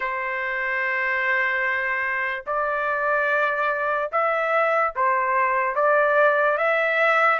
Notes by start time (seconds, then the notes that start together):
0.00 C5
2.46 D5
4.11 E5
4.95 C5
5.75 D5
6.57 E5